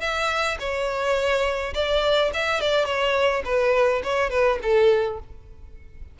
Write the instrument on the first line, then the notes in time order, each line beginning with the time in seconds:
violin
0.00 E5
0.59 C#5
1.74 D5
2.33 E5
2.60 D5
2.85 C#5
3.45 B4
4.03 C#5
4.30 B4
4.62 A4